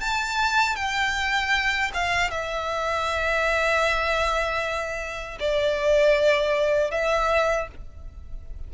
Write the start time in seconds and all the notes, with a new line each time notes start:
0.00 A5
0.76 G5
1.94 F5
2.30 E5
5.40 D5
6.91 E5